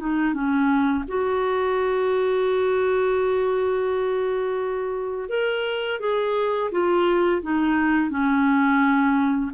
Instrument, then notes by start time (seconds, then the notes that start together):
clarinet
0.00 D#4
0.34 C#4
1.08 F#4
5.29 A#4
6.00 G#4
6.72 F4
7.43 D#4
8.10 C#4